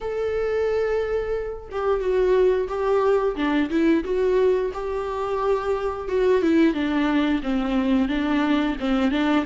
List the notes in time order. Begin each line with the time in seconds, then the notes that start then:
0.00 A4
1.71 G4
2.00 F#4
2.68 G4
3.36 D4
3.70 E4
4.04 F#4
4.73 G4
6.08 F#4
6.42 E4
6.74 D4
7.42 C4
8.08 D4
8.80 C4
9.11 D4